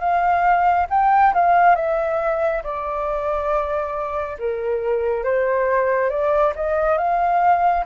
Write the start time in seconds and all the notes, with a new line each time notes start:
0.00 F5
0.90 G5
1.34 F5
1.76 E5
2.64 D5
4.39 A#4
5.24 C5
6.10 D5
6.56 D#5
6.98 F5